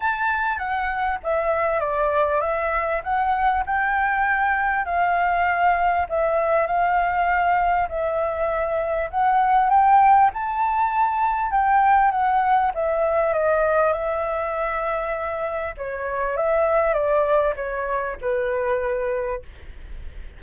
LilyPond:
\new Staff \with { instrumentName = "flute" } { \time 4/4 \tempo 4 = 99 a''4 fis''4 e''4 d''4 | e''4 fis''4 g''2 | f''2 e''4 f''4~ | f''4 e''2 fis''4 |
g''4 a''2 g''4 | fis''4 e''4 dis''4 e''4~ | e''2 cis''4 e''4 | d''4 cis''4 b'2 | }